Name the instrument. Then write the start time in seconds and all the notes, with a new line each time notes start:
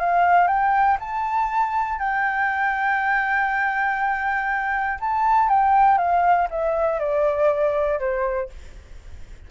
flute
0.00 F5
0.47 G5
1.00 A5
1.99 G5
5.00 A5
5.49 G5
5.98 F5
6.50 E5
6.99 D5
7.99 C5